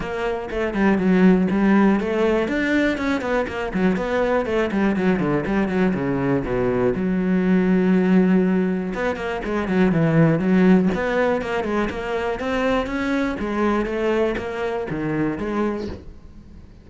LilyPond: \new Staff \with { instrumentName = "cello" } { \time 4/4 \tempo 4 = 121 ais4 a8 g8 fis4 g4 | a4 d'4 cis'8 b8 ais8 fis8 | b4 a8 g8 fis8 d8 g8 fis8 | cis4 b,4 fis2~ |
fis2 b8 ais8 gis8 fis8 | e4 fis4 b4 ais8 gis8 | ais4 c'4 cis'4 gis4 | a4 ais4 dis4 gis4 | }